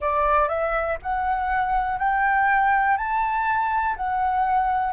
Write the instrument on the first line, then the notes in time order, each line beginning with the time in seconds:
flute
0.00 D5
0.48 E5
1.02 F#5
1.99 G5
2.97 A5
3.96 F#5